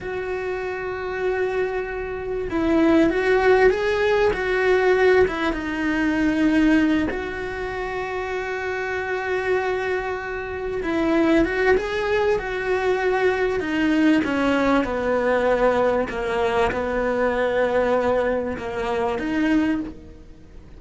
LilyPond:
\new Staff \with { instrumentName = "cello" } { \time 4/4 \tempo 4 = 97 fis'1 | e'4 fis'4 gis'4 fis'4~ | fis'8 e'8 dis'2~ dis'8 fis'8~ | fis'1~ |
fis'4. e'4 fis'8 gis'4 | fis'2 dis'4 cis'4 | b2 ais4 b4~ | b2 ais4 dis'4 | }